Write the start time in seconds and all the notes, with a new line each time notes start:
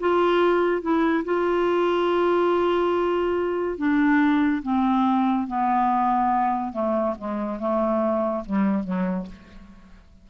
0.00 F4
0.82 E4
1.25 F4
3.78 D4
4.63 C4
5.48 B3
6.73 A3
7.19 G#3
7.60 A3
8.46 G3
8.84 F#3